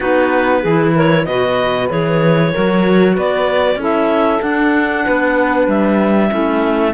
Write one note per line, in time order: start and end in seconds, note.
0.00 0.64 B3
0.00 0.63 D#4
0.00 0.60 F#4
0.00 0.92 B4
0.61 1.26 E3
0.61 1.28 E4
0.61 0.93 G#4
0.94 1.26 A#4
0.94 1.25 C#5
1.25 1.89 B2
1.25 1.89 F#4
1.25 2.52 B4
1.25 1.88 D#5
1.89 2.53 E3
1.89 2.52 G#4
1.89 3.16 C#5
2.52 3.17 F#3
2.52 3.78 F#4
2.52 3.14 A#4
3.14 3.75 B3
3.14 3.77 B4
3.14 3.81 D5
3.75 4.39 C#4
3.75 4.40 E4
3.75 5.04 A4
3.83 4.41 E5
4.40 6.29 D4
4.40 5.05 D4
4.40 5.68 F#5
5.04 5.67 B3
5.04 6.30 B4
5.67 6.30 G3
5.67 6.94 E5
6.29 6.94 A3
6.29 6.92 C#4
6.29 6.93 E4